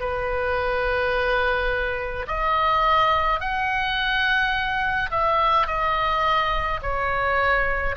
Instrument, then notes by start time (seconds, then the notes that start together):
oboe
0.00 B4
2.27 D#5
3.40 F#5
5.10 E5
5.67 D#5
6.82 C#5